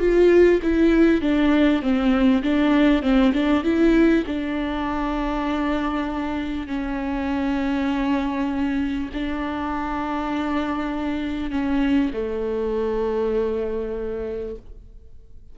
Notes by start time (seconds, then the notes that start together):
0.00 F4
0.63 E4
1.21 D4
1.82 C4
2.43 D4
3.03 C4
3.34 D4
3.64 E4
4.27 D4
6.67 C#4
9.14 D4
11.51 C#4
12.13 A3